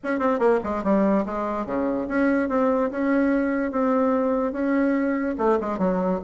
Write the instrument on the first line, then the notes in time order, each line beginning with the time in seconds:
bassoon
0.03 C#4
0.19 C4
0.39 A#3
0.63 G#3
0.83 G3
1.25 G#3
1.66 C#3
2.08 C#4
2.48 C4
2.90 C#4
3.71 C4
4.52 C#4
5.38 A3
5.60 G#3
5.78 F#3